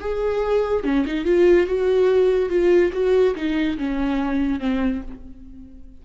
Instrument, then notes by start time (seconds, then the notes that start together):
viola
0.00 G#4
0.84 C#4
1.06 D#4
1.25 F4
1.66 F#4
2.49 F4
2.93 F#4
3.35 D#4
3.77 C#4
4.59 C4